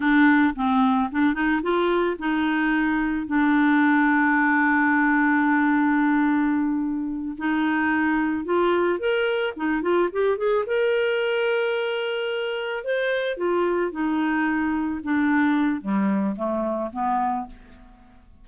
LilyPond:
\new Staff \with { instrumentName = "clarinet" } { \time 4/4 \tempo 4 = 110 d'4 c'4 d'8 dis'8 f'4 | dis'2 d'2~ | d'1~ | d'4. dis'2 f'8~ |
f'8 ais'4 dis'8 f'8 g'8 gis'8 ais'8~ | ais'2.~ ais'8 c''8~ | c''8 f'4 dis'2 d'8~ | d'4 g4 a4 b4 | }